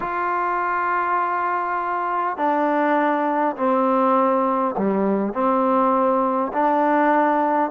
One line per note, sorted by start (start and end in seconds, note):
0.00 2.37 F4
2.37 3.56 D4
3.56 4.75 C4
4.77 5.33 G3
5.33 6.52 C4
6.52 7.70 D4